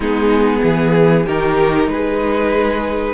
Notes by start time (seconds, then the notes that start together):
0.00 G#3 B3 D#4 G#4
0.63 E3 G#4
1.26 D#3 D#4 G4 A#4
1.87 G#3 G#4 B4